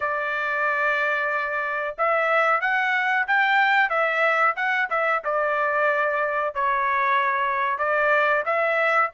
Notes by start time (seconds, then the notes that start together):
0.00 D5
1.97 E5
2.60 F#5
3.27 G5
3.89 E5
4.56 F#5
4.89 E5
5.24 D5
6.54 C#5
7.78 D5
8.45 E5